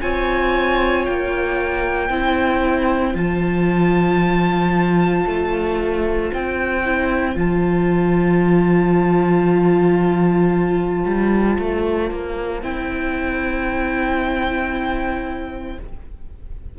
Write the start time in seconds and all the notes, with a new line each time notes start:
0.00 C4 F4 C#5 G#5
1.05 A#3 G5
2.09 C4 E4 C5
3.14 F3 F4 A5
5.25 A3
6.33 C4 G5
6.84 E4
7.35 F3 F4 A5
11.05 G3
11.59 A3
12.11 A#3
12.61 C4 E4 G5